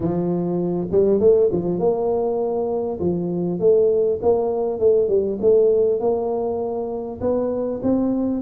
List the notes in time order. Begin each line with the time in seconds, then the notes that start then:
0.00 F3
0.91 G3
1.20 A3
1.52 F3
1.79 A#3
2.99 F3
3.59 A3
4.21 A#3
4.79 A3
5.08 G3
5.41 A3
6.00 A#3
7.20 B3
7.82 C4